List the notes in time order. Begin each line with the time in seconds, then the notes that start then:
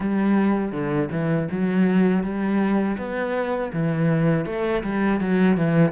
0.00 G3
0.72 D3
1.11 E3
1.51 F#3
2.23 G3
2.97 B3
3.72 E3
4.45 A3
4.83 G3
5.20 F#3
5.57 E3